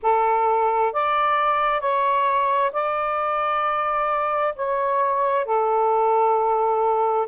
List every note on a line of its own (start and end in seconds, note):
0.02 0.93 A4
0.93 1.80 D5
1.80 2.71 C#5
2.72 4.54 D5
4.55 5.45 C#5
5.45 7.27 A4